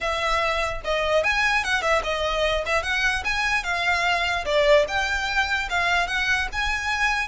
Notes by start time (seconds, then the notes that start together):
0.00 E5
0.84 D#5
1.23 G#5
1.63 F#5
1.82 E5
2.03 D#5
2.66 E5
2.82 F#5
3.24 G#5
3.63 F5
4.45 D5
4.88 G5
5.69 F5
6.07 F#5
6.52 G#5